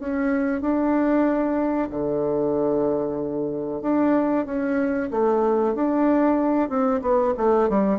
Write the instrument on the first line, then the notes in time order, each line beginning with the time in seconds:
bassoon
0.00 C#4
0.62 D4
1.90 D3
3.82 D4
4.46 C#4
5.11 A3
5.75 D4
6.69 C4
7.02 B3
7.38 A3
7.69 G3